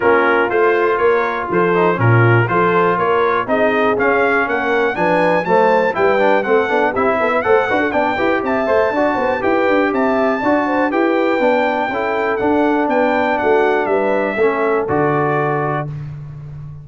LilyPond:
<<
  \new Staff \with { instrumentName = "trumpet" } { \time 4/4 \tempo 4 = 121 ais'4 c''4 cis''4 c''4 | ais'4 c''4 cis''4 dis''4 | f''4 fis''4 gis''4 a''4 | g''4 fis''4 e''4 fis''4 |
g''4 a''2 g''4 | a''2 g''2~ | g''4 fis''4 g''4 fis''4 | e''2 d''2 | }
  \new Staff \with { instrumentName = "horn" } { \time 4/4 f'2 ais'4 a'4 | f'4 a'4 ais'4 gis'4~ | gis'4 ais'4 b'4 c''4 | b'4 a'4 g'8 a'16 b'16 c''8 b'16 a'16 |
d''8 b'8 e''4 d''8 c''8 b'4 | e''4 d''8 c''8 b'2 | a'2 b'4 fis'4 | b'4 a'2. | }
  \new Staff \with { instrumentName = "trombone" } { \time 4/4 cis'4 f'2~ f'8 dis'8 | cis'4 f'2 dis'4 | cis'2 d'4 a4 | e'8 d'8 c'8 d'8 e'4 a'8 fis'8 |
d'8 g'4 c''8 fis'4 g'4~ | g'4 fis'4 g'4 d'4 | e'4 d'2.~ | d'4 cis'4 fis'2 | }
  \new Staff \with { instrumentName = "tuba" } { \time 4/4 ais4 a4 ais4 f4 | ais,4 f4 ais4 c'4 | cis'4 ais4 f4 fis4 | g4 a8 b8 c'8 b8 a8 d'8 |
b8 e'8 c'8 a8 d'8 b8 e'8 d'8 | c'4 d'4 e'4 b4 | cis'4 d'4 b4 a4 | g4 a4 d2 | }
>>